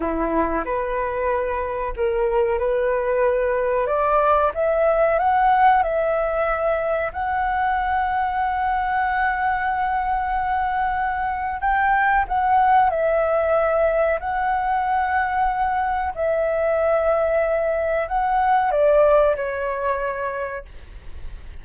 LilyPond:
\new Staff \with { instrumentName = "flute" } { \time 4/4 \tempo 4 = 93 e'4 b'2 ais'4 | b'2 d''4 e''4 | fis''4 e''2 fis''4~ | fis''1~ |
fis''2 g''4 fis''4 | e''2 fis''2~ | fis''4 e''2. | fis''4 d''4 cis''2 | }